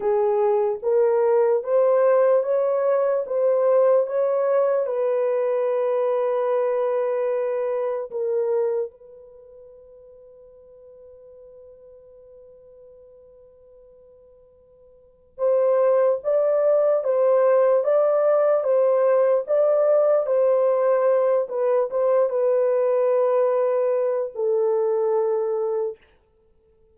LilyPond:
\new Staff \with { instrumentName = "horn" } { \time 4/4 \tempo 4 = 74 gis'4 ais'4 c''4 cis''4 | c''4 cis''4 b'2~ | b'2 ais'4 b'4~ | b'1~ |
b'2. c''4 | d''4 c''4 d''4 c''4 | d''4 c''4. b'8 c''8 b'8~ | b'2 a'2 | }